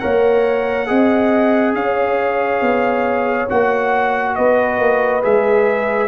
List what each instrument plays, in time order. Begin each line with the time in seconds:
0.00 tuba A#3, trombone A#4, horn C#5, trumpet F#5
0.87 tuba C4, trombone G#4, horn D#5
1.75 tuba C#4, horn C#5, trumpet F5
2.62 tuba B3
3.50 tuba A#3, trombone F#4, trumpet F#5
4.36 tuba B3, horn B4, trumpet D#5
4.80 tuba A#3
5.23 tuba G#3, trombone G#4, trumpet E5